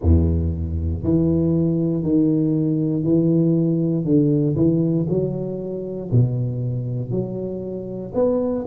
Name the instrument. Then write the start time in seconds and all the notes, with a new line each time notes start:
tuba
0.02 E2
1.04 E3
2.03 D#3
3.03 E3
4.04 D3
4.56 E3
5.08 F#3
6.11 B2
7.10 F#3
8.14 B3